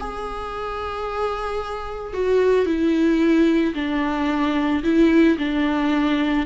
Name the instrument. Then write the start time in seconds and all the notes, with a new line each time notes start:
viola
0.00 G#4
2.14 F#4
2.66 E4
3.75 D4
4.84 E4
5.38 D4